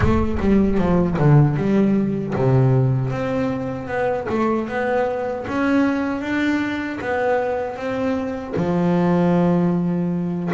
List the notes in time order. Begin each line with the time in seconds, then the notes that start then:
0.00 A3
0.40 G3
0.78 F3
1.19 D3
1.56 G3
2.36 C3
3.10 C4
3.87 B3
4.29 A3
4.68 B3
5.48 C#4
6.21 D4
7.01 B3
7.76 C4
8.56 F3